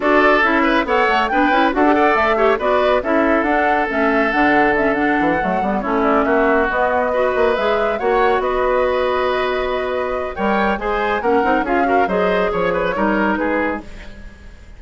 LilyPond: <<
  \new Staff \with { instrumentName = "flute" } { \time 4/4 \tempo 4 = 139 d''4 e''4 fis''4 g''4 | fis''4 e''4 d''4 e''4 | fis''4 e''4 fis''4 e''8 fis''8~ | fis''4. cis''8 d''8 e''4 dis''8~ |
dis''4. e''4 fis''4 dis''8~ | dis''1 | g''4 gis''4 fis''4 f''4 | dis''4 cis''2 b'4 | }
  \new Staff \with { instrumentName = "oboe" } { \time 4/4 a'4. b'8 cis''4 b'4 | a'8 d''4 cis''8 b'4 a'4~ | a'1~ | a'4. e'4 fis'4.~ |
fis'8 b'2 cis''4 b'8~ | b'1 | cis''4 c''4 ais'4 gis'8 ais'8 | c''4 cis''8 b'8 ais'4 gis'4 | }
  \new Staff \with { instrumentName = "clarinet" } { \time 4/4 fis'4 e'4 a'4 d'8 e'8 | fis'16 g'16 a'4 g'8 fis'4 e'4 | d'4 cis'4 d'4 cis'8 d'8~ | d'8 a8 b8 cis'2 b8~ |
b8 fis'4 gis'4 fis'4.~ | fis'1 | ais'4 gis'4 cis'8 dis'8 f'8 fis'8 | gis'2 dis'2 | }
  \new Staff \with { instrumentName = "bassoon" } { \time 4/4 d'4 cis'4 b8 a8 b8 cis'8 | d'4 a4 b4 cis'4 | d'4 a4 d2 | e8 fis8 g8 a4 ais4 b8~ |
b4 ais8 gis4 ais4 b8~ | b1 | g4 gis4 ais8 c'8 cis'4 | fis4 f4 g4 gis4 | }
>>